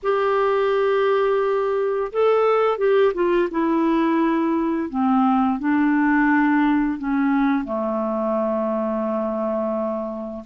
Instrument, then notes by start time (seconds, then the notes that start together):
clarinet
0.02 G4
2.12 A4
2.77 G4
3.14 F4
3.51 E4
4.89 C4
5.59 D4
6.98 C#4
7.64 A3